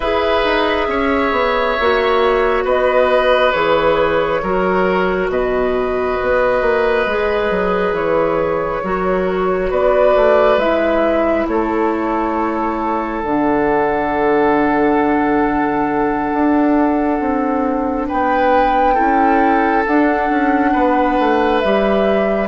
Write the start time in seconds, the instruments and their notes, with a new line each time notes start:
0.00 bassoon E4, clarinet G#4, oboe B4, flute E5
0.44 bassoon D#4
0.87 bassoon C#4, oboe C#5
1.31 bassoon B3
1.80 bassoon A#3, clarinet F#4
2.64 bassoon B3, oboe B4, flute D#5
3.52 bassoon E3, clarinet G#4, flute C#5
4.42 bassoon F#3, clarinet F#4, oboe A#4
5.29 bassoon B2, oboe B4, flute D#5
6.21 bassoon B3
6.61 bassoon A#3
7.06 bassoon G#3, clarinet G#4
7.50 bassoon F#3
7.92 bassoon E3, flute C#5
8.83 bassoon F#3, clarinet F#4, oboe A#4
9.69 bassoon B3, oboe B4, flute D5
10.15 bassoon A3
10.57 bassoon G#3, clarinet E4, flute E5
11.47 bassoon A3, oboe A4, flute C#5
13.22 bassoon D3, clarinet D4, flute F#5
16.33 bassoon D4
17.20 bassoon C4
18.07 bassoon B3, oboe B4, flute G5
18.94 bassoon C#4, clarinet E4, oboe A4
19.86 bassoon D4, clarinet D4, flute F#5
20.29 bassoon C#4
20.72 bassoon B3, oboe B4
21.19 bassoon A3
21.59 bassoon G3, clarinet G4, flute E5